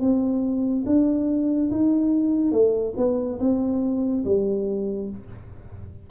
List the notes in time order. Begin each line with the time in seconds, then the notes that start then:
0.00 C4
0.86 D4
1.71 D#4
2.52 A3
2.97 B3
3.40 C4
4.25 G3